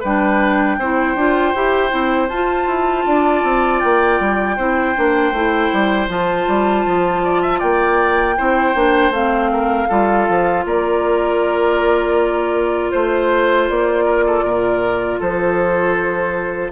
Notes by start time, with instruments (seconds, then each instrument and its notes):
0.00 bassoon G3, clarinet D4, oboe B4, flute G5
0.78 bassoon C4, clarinet E4, oboe C5
1.15 bassoon D4, clarinet F4
1.55 bassoon E4, clarinet G4
1.89 bassoon C4, clarinet E4
2.28 bassoon F4, clarinet F4, flute A5
2.67 bassoon E4
3.06 bassoon D4, oboe D5
3.43 bassoon C4
3.80 bassoon A#3, flute G5
4.20 bassoon G3
4.56 bassoon C4, clarinet E4, oboe C5
4.95 bassoon A#3, clarinet D4
5.32 bassoon A3, clarinet E4
5.73 bassoon G3
6.08 bassoon F3, clarinet F4, flute A5
6.48 bassoon G3
6.86 bassoon F3
7.24 oboe D5
7.42 oboe E5
7.59 bassoon A#3, oboe D5, flute G5
8.37 bassoon C4, clarinet E4, oboe C5
8.75 bassoon A#3, clarinet D4
9.10 bassoon A3, clarinet C4, flute F5
9.52 oboe A#4
9.88 bassoon G3, clarinet F4, oboe A4
10.29 bassoon F3
10.65 bassoon A#3, oboe A#4, flute D5
12.91 bassoon A3, oboe C5, flute C5
13.69 bassoon A#3, flute D5
14.05 oboe A#4
14.26 oboe A4
14.43 bassoon A#2, oboe A#4
15.19 bassoon F3, oboe A4, flute C5